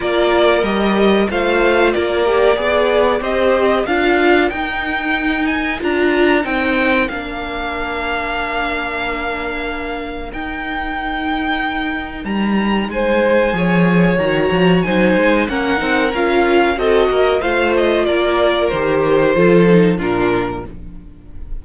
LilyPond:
<<
  \new Staff \with { instrumentName = "violin" } { \time 4/4 \tempo 4 = 93 d''4 dis''4 f''4 d''4~ | d''4 dis''4 f''4 g''4~ | g''8 gis''8 ais''4 g''4 f''4~ | f''1 |
g''2. ais''4 | gis''2 ais''4 gis''4 | fis''4 f''4 dis''4 f''8 dis''8 | d''4 c''2 ais'4 | }
  \new Staff \with { instrumentName = "violin" } { \time 4/4 ais'2 c''4 ais'4 | d''4 c''4 ais'2~ | ais'1~ | ais'1~ |
ais'1 | c''4 cis''2 c''4 | ais'2 a'8 ais'8 c''4 | ais'2 a'4 f'4 | }
  \new Staff \with { instrumentName = "viola" } { \time 4/4 f'4 g'4 f'4. g'8 | gis'4 g'4 f'4 dis'4~ | dis'4 f'4 dis'4 d'4~ | d'1 |
dis'1~ | dis'4 gis'4 fis'4 dis'4 | cis'8 dis'8 f'4 fis'4 f'4~ | f'4 g'4 f'8 dis'8 d'4 | }
  \new Staff \with { instrumentName = "cello" } { \time 4/4 ais4 g4 a4 ais4 | b4 c'4 d'4 dis'4~ | dis'4 d'4 c'4 ais4~ | ais1 |
dis'2. g4 | gis4 f4 dis8 f8 fis8 gis8 | ais8 c'8 cis'4 c'8 ais8 a4 | ais4 dis4 f4 ais,4 | }
>>